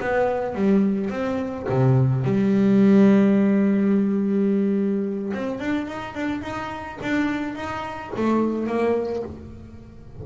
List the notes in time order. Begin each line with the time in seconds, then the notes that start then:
0.00 B3
0.55 G3
1.10 C4
1.69 C3
2.24 G3
5.33 C4
5.59 D4
5.87 D#4
6.15 D4
6.41 D#4
7.02 D4
7.55 D#4
8.16 A3
8.67 A#3